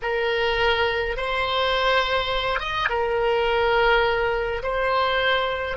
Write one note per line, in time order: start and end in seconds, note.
0.02 1.16 A#4
1.16 2.59 C5
2.59 2.88 D#5
2.89 4.62 A#4
4.63 5.77 C5